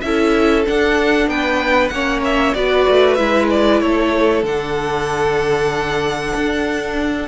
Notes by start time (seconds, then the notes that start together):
0.00 C#4 E4 A4 E5
0.65 D4 F#5
1.28 B3 B4 G5
1.88 A#3 C#4 C#5 F#5
2.24 E5
2.54 B3 F#4 B4 D5
2.89 A3
3.14 G#3 E4 E5
3.50 D5
3.80 A3 A4 C#5
4.43 D3 D4 F#5
6.35 D4